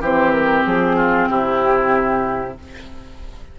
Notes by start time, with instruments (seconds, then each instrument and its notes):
0.00 bassoon E3, clarinet C4, oboe G4, flute C5
0.32 flute A#4
0.65 bassoon F3, flute G#4
0.96 oboe F4
1.29 bassoon C3, oboe E4, flute G4